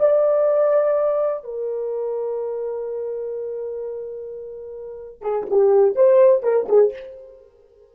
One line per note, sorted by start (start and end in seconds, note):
0.00 1.44 D5
1.44 5.22 A#4
5.22 5.46 G#4
5.51 5.96 G4
5.96 6.43 C5
6.43 6.67 A#4
6.69 6.93 G#4